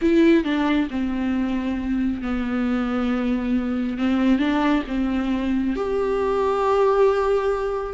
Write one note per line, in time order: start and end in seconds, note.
0.01 0.44 E4
0.44 0.88 D4
0.90 2.21 C4
2.21 3.98 B3
3.98 4.38 C4
4.38 4.82 D4
4.87 5.76 C4
5.76 7.93 G4